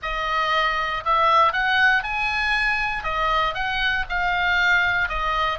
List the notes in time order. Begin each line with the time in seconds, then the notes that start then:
0.02 D#5
1.04 E5
1.53 F#5
2.03 G#5
3.03 D#5
3.54 F#5
4.09 F5
5.08 D#5